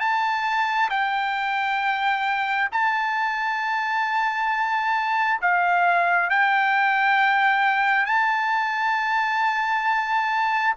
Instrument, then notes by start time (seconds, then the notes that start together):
trumpet
0.00 A5
0.90 G5
2.72 A5
5.42 F5
6.30 G5
8.06 A5